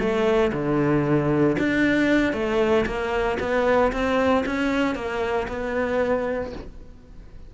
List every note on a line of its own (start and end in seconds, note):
0.00 0.52 A3
0.53 1.57 D3
1.59 2.34 D4
2.34 2.86 A3
2.86 3.38 A#3
3.40 3.92 B3
3.93 4.45 C4
4.46 4.96 C#4
4.96 5.48 A#3
5.49 6.53 B3